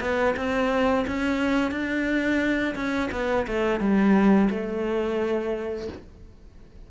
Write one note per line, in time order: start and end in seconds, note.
0.00 0.34 B3
0.36 1.05 C4
1.07 1.71 C#4
1.71 2.75 D4
2.75 3.09 C#4
3.12 3.46 B3
3.47 3.80 A3
3.80 4.49 G3
4.50 5.88 A3